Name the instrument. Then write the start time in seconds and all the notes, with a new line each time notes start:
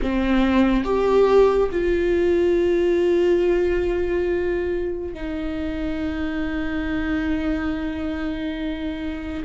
viola
0.02 C4
0.84 G4
1.71 F4
5.14 D#4